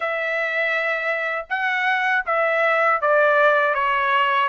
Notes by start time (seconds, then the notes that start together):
0.00 E5
1.49 F#5
2.26 E5
3.01 D5
3.74 C#5